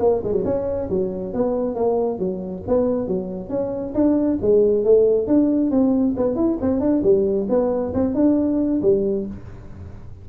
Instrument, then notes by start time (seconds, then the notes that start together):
tuba
0.00 A#3
0.24 G#3
0.33 F#3
0.45 C#4
0.90 F#3
1.34 B3
1.76 A#3
2.19 F#3
2.68 B3
3.08 F#3
3.50 C#4
3.95 D4
4.42 G#3
4.85 A3
5.28 D4
5.71 C4
6.17 B3
6.36 E4
6.61 C4
6.80 D4
7.03 G3
7.49 B3
7.94 C4
8.15 D4
8.82 G3